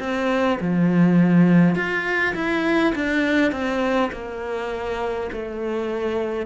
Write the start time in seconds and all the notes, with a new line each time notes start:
0.00 C4
0.61 F3
1.75 F4
2.35 E4
2.95 D4
3.52 C4
4.12 A#3
5.33 A3